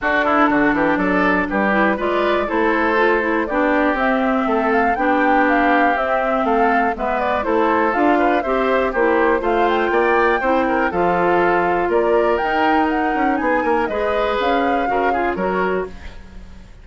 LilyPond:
<<
  \new Staff \with { instrumentName = "flute" } { \time 4/4 \tempo 4 = 121 a'2 d''4 b'4 | d''4 c''2 d''4 | e''4. f''8 g''4 f''4 | e''4 f''4 e''8 d''8 c''4 |
f''4 e''4 c''4 f''8 g''8~ | g''2 f''2 | d''4 g''4 fis''4 gis''4 | dis''4 f''2 cis''4 | }
  \new Staff \with { instrumentName = "oboe" } { \time 4/4 fis'8 e'8 fis'8 g'8 a'4 g'4 | b'4 a'2 g'4~ | g'4 a'4 g'2~ | g'4 a'4 b'4 a'4~ |
a'8 b'8 c''4 g'4 c''4 | d''4 c''8 ais'8 a'2 | ais'2. gis'8 ais'8 | b'2 ais'8 gis'8 ais'4 | }
  \new Staff \with { instrumentName = "clarinet" } { \time 4/4 d'2.~ d'8 e'8 | f'4 e'4 f'8 e'8 d'4 | c'2 d'2 | c'2 b4 e'4 |
f'4 g'4 e'4 f'4~ | f'4 e'4 f'2~ | f'4 dis'2. | gis'2 fis'8 f'8 fis'4 | }
  \new Staff \with { instrumentName = "bassoon" } { \time 4/4 d'4 d8 e8 fis4 g4 | gis4 a2 b4 | c'4 a4 b2 | c'4 a4 gis4 a4 |
d'4 c'4 ais4 a4 | ais4 c'4 f2 | ais4 dis'4. cis'8 b8 ais8 | gis4 cis'4 cis4 fis4 | }
>>